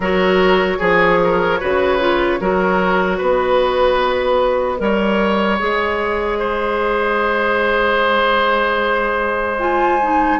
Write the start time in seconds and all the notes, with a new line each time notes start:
0.00 F#3 F#4 A#4 C#5
0.78 F3 G#4
1.24 A#4
1.60 C#3 F#4 B4
1.99 F4
2.40 F#3 F#4 A#4
3.17 B3 B4 D#5
4.78 G3 A#4 C#5
5.59 G#3 G#4
6.39 C5
9.59 F4 G#5
10.02 D#4